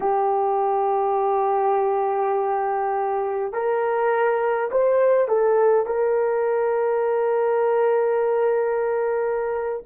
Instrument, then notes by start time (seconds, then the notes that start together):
horn
0.00 G4
3.52 A#4
4.71 C5
5.28 A4
5.86 A#4